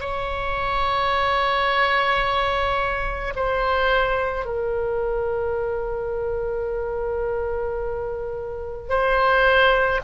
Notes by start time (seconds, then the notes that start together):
0.00 C#5
3.35 C5
4.45 A#4
8.89 C5